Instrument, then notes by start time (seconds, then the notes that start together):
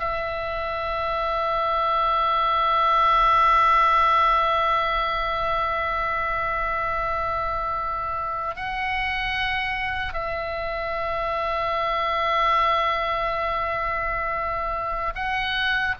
oboe
0.00 E5
8.56 F#5
10.14 E5
15.16 F#5